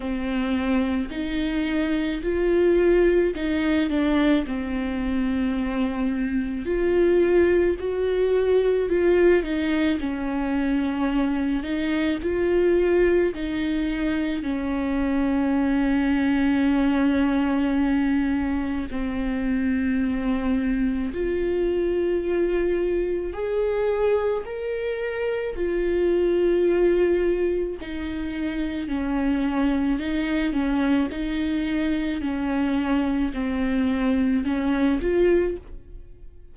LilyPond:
\new Staff \with { instrumentName = "viola" } { \time 4/4 \tempo 4 = 54 c'4 dis'4 f'4 dis'8 d'8 | c'2 f'4 fis'4 | f'8 dis'8 cis'4. dis'8 f'4 | dis'4 cis'2.~ |
cis'4 c'2 f'4~ | f'4 gis'4 ais'4 f'4~ | f'4 dis'4 cis'4 dis'8 cis'8 | dis'4 cis'4 c'4 cis'8 f'8 | }